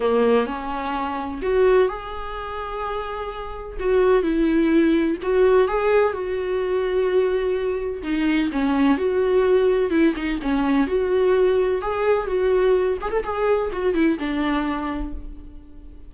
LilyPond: \new Staff \with { instrumentName = "viola" } { \time 4/4 \tempo 4 = 127 ais4 cis'2 fis'4 | gis'1 | fis'4 e'2 fis'4 | gis'4 fis'2.~ |
fis'4 dis'4 cis'4 fis'4~ | fis'4 e'8 dis'8 cis'4 fis'4~ | fis'4 gis'4 fis'4. gis'16 a'16 | gis'4 fis'8 e'8 d'2 | }